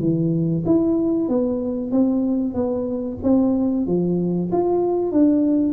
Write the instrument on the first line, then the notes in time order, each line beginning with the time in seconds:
tuba
0.00 E3
0.66 E4
1.29 B3
1.91 C4
2.54 B3
3.23 C4
3.87 F3
4.52 F4
5.12 D4